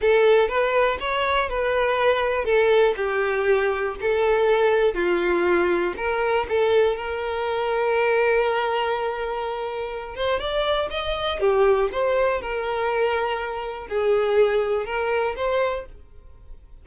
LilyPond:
\new Staff \with { instrumentName = "violin" } { \time 4/4 \tempo 4 = 121 a'4 b'4 cis''4 b'4~ | b'4 a'4 g'2 | a'2 f'2 | ais'4 a'4 ais'2~ |
ais'1~ | ais'8 c''8 d''4 dis''4 g'4 | c''4 ais'2. | gis'2 ais'4 c''4 | }